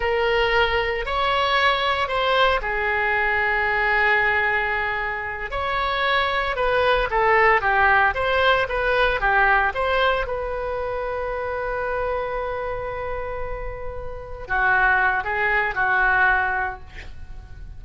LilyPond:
\new Staff \with { instrumentName = "oboe" } { \time 4/4 \tempo 4 = 114 ais'2 cis''2 | c''4 gis'2.~ | gis'2~ gis'8 cis''4.~ | cis''8 b'4 a'4 g'4 c''8~ |
c''8 b'4 g'4 c''4 b'8~ | b'1~ | b'2.~ b'8 fis'8~ | fis'4 gis'4 fis'2 | }